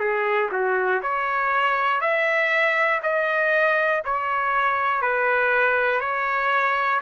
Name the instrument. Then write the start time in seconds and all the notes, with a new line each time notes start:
trumpet
0.00 G#4
0.52 F#4
1.03 C#5
2.01 E5
3.03 D#5
4.05 C#5
5.02 B4
6.00 C#5